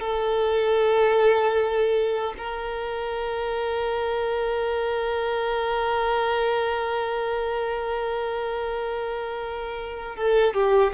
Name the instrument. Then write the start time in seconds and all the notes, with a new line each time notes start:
violin
0.00 A4
2.38 A#4
10.15 A4
10.54 G4